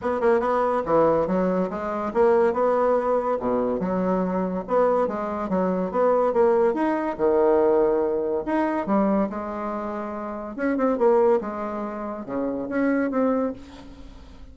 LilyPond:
\new Staff \with { instrumentName = "bassoon" } { \time 4/4 \tempo 4 = 142 b8 ais8 b4 e4 fis4 | gis4 ais4 b2 | b,4 fis2 b4 | gis4 fis4 b4 ais4 |
dis'4 dis2. | dis'4 g4 gis2~ | gis4 cis'8 c'8 ais4 gis4~ | gis4 cis4 cis'4 c'4 | }